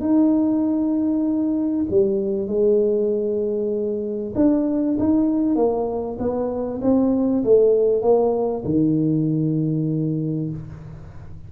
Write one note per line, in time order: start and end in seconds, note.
0.00 1.86 D#4
1.90 2.47 G3
2.47 4.33 G#3
4.35 4.97 D4
4.98 5.55 D#4
5.55 6.17 A#3
6.19 6.80 B3
6.81 7.43 C4
7.44 8.02 A3
8.02 8.63 A#3
8.65 10.50 D#3